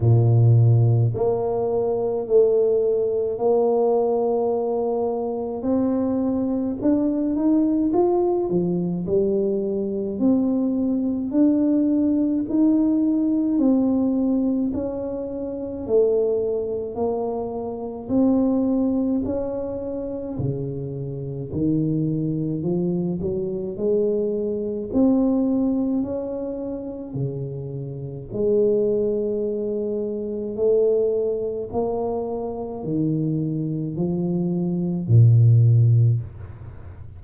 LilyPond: \new Staff \with { instrumentName = "tuba" } { \time 4/4 \tempo 4 = 53 ais,4 ais4 a4 ais4~ | ais4 c'4 d'8 dis'8 f'8 f8 | g4 c'4 d'4 dis'4 | c'4 cis'4 a4 ais4 |
c'4 cis'4 cis4 dis4 | f8 fis8 gis4 c'4 cis'4 | cis4 gis2 a4 | ais4 dis4 f4 ais,4 | }